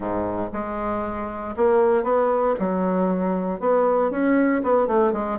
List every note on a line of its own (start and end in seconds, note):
0.00 0.49 G#2
0.52 1.55 G#3
1.56 2.03 A#3
2.03 2.55 B3
2.59 3.60 F#3
3.60 4.10 B3
4.10 4.62 C#4
4.63 4.87 B3
4.87 5.12 A3
5.12 5.38 G#3